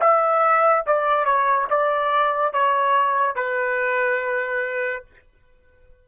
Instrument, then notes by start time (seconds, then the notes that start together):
trumpet
0.00 E5
0.86 D5
1.25 C#5
1.70 D5
2.53 C#5
3.35 B4